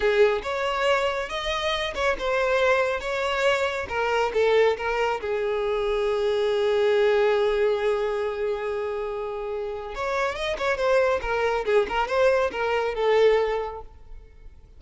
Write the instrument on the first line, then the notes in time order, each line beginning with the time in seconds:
violin
0.00 G#4
0.42 C#5
1.29 D#5
1.94 C#5
2.18 C5
3.00 C#5
3.88 A#4
4.33 A4
4.77 A#4
5.21 G#4
9.94 C#5
10.35 D#5
10.58 C#5
10.77 C5
11.21 A#4
11.65 G#4
11.88 A#4
12.07 C5
12.51 A#4
12.95 A4